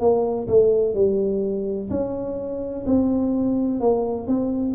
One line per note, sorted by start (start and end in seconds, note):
0.00 0.48 A#3
0.48 0.94 A3
0.94 1.90 G3
1.90 2.85 C#4
2.86 3.80 C4
3.80 4.27 A#3
4.27 4.75 C4